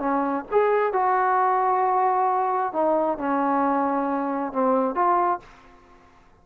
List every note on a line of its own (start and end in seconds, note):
0.00 0.45 C#4
0.52 0.94 G#4
0.94 2.73 F#4
2.73 3.18 D#4
3.18 4.53 C#4
4.53 4.95 C4
4.95 5.40 F4